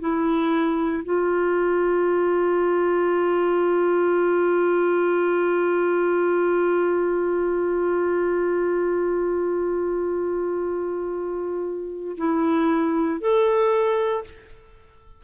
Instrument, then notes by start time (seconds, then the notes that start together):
clarinet
0.00 E4
1.04 F4
12.17 E4
13.21 A4